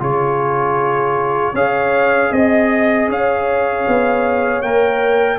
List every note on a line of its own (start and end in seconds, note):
0.00 1.54 C#3
0.00 1.54 F4
0.00 1.54 G#4
0.00 1.56 C#5
1.54 2.31 C#4
1.54 4.64 G#4
1.54 2.31 C#5
1.54 2.33 F5
2.31 3.09 C4
2.31 3.08 D#5
2.31 3.09 D#5
3.09 3.86 C#4
3.09 5.39 C#5
3.09 4.62 F5
3.88 4.62 B3
4.62 5.39 A#3
4.62 5.39 A#4
4.62 5.39 G5